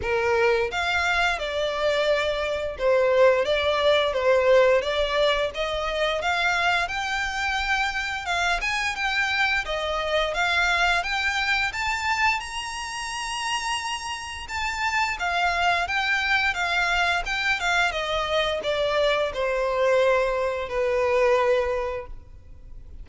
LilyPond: \new Staff \with { instrumentName = "violin" } { \time 4/4 \tempo 4 = 87 ais'4 f''4 d''2 | c''4 d''4 c''4 d''4 | dis''4 f''4 g''2 | f''8 gis''8 g''4 dis''4 f''4 |
g''4 a''4 ais''2~ | ais''4 a''4 f''4 g''4 | f''4 g''8 f''8 dis''4 d''4 | c''2 b'2 | }